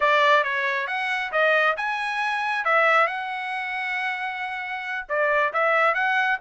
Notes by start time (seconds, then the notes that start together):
0.00 D5
0.43 C#5
0.87 F#5
1.32 D#5
1.76 G#5
2.64 E5
3.07 F#5
5.09 D5
5.53 E5
5.94 F#5